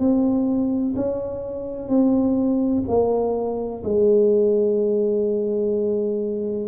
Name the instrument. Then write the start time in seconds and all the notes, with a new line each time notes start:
tuba
0.00 C4
0.96 C#4
1.89 C4
2.88 A#3
3.84 G#3